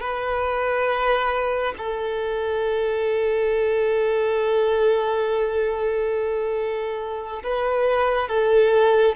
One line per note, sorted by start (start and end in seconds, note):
0.00 1.74 B4
1.77 7.42 A4
7.43 8.28 B4
8.28 9.15 A4